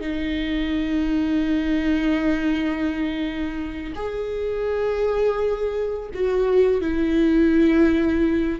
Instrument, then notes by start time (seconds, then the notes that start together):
viola
0.00 D#4
3.95 G#4
6.14 F#4
6.81 E4